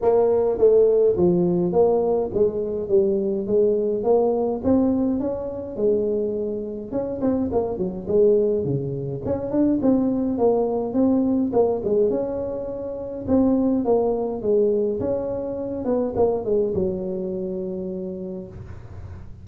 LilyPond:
\new Staff \with { instrumentName = "tuba" } { \time 4/4 \tempo 4 = 104 ais4 a4 f4 ais4 | gis4 g4 gis4 ais4 | c'4 cis'4 gis2 | cis'8 c'8 ais8 fis8 gis4 cis4 |
cis'8 d'8 c'4 ais4 c'4 | ais8 gis8 cis'2 c'4 | ais4 gis4 cis'4. b8 | ais8 gis8 fis2. | }